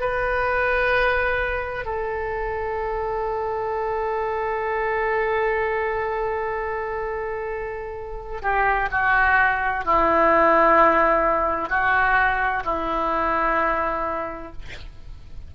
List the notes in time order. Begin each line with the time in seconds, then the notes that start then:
0.00 B4
1.85 A4
8.42 G4
8.91 F#4
9.85 E4
11.70 F#4
12.65 E4